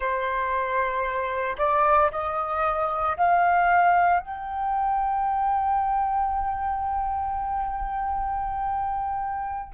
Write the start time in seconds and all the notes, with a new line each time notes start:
0.00 C5
1.58 D5
2.11 D#5
3.17 F5
4.19 G5